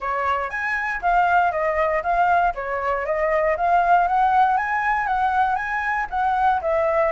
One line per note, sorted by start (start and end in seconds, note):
0.00 0.50 C#5
0.50 1.01 G#5
1.01 1.51 F5
1.51 2.02 D#5
2.02 2.53 F5
2.54 3.05 C#5
3.05 3.56 D#5
3.56 4.07 F5
4.07 4.57 F#5
4.57 5.07 G#5
5.07 5.55 F#5
5.55 6.06 G#5
6.09 6.60 F#5
6.61 7.12 E5